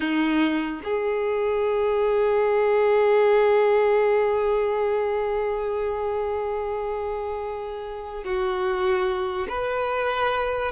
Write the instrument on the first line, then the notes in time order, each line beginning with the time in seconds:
violin
0.00 D#4
0.84 G#4
8.24 F#4
9.49 B4